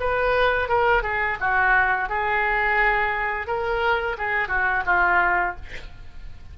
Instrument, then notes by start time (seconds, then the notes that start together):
oboe
0.00 B4
0.68 A#4
1.02 G#4
1.40 F#4
2.09 G#4
3.47 A#4
4.18 G#4
4.48 F#4
4.86 F4